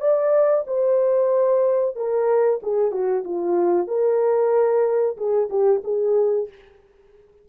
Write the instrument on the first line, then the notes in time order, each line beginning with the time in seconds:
horn
0.00 D5
0.67 C5
1.96 A#4
2.62 G#4
2.91 F#4
3.24 F4
3.87 A#4
5.17 G#4
5.50 G4
5.84 G#4